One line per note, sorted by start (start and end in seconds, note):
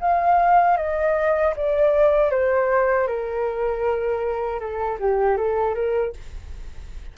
0.00 0.77 F5
0.77 1.53 D#5
1.56 2.30 D5
2.30 3.07 C5
3.07 4.59 A#4
4.59 4.98 A4
4.99 5.37 G4
5.37 5.74 A4
5.74 6.13 A#4